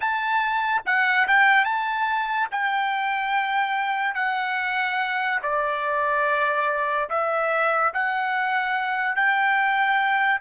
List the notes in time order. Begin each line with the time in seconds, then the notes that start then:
0.00 A5
0.85 F#5
1.27 G5
1.64 A5
2.51 G5
4.14 F#5
5.42 D5
7.09 E5
7.93 F#5
9.15 G5